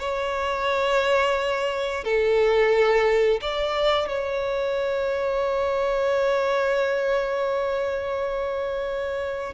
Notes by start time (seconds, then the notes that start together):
0.00 C#5
2.05 A4
3.42 D5
4.09 C#5